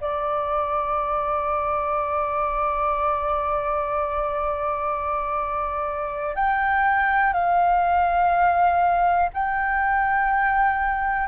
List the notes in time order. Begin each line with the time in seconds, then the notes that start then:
0.00 D5
6.35 G5
7.33 F5
9.33 G5